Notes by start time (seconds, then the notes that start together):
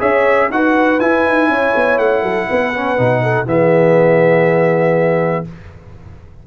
0.00 C#4 G#4 C#5 E5
0.50 D#4 F#4 B4 F#5
1.00 E4 G#5
1.26 D#4
1.49 C#4 C#5
1.76 B3
1.99 A3 F#5
2.23 F#3 A4
2.50 B3 B4
2.75 C#4
2.98 B2 D#4
3.23 A4
3.46 E3 B3 G#4 E5